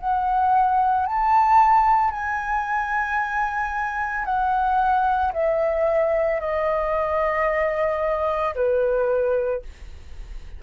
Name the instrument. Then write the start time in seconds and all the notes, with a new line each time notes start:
flute
0.00 F#5
1.06 A5
2.11 G#5
4.25 F#5
5.33 E5
6.40 D#5
8.55 B4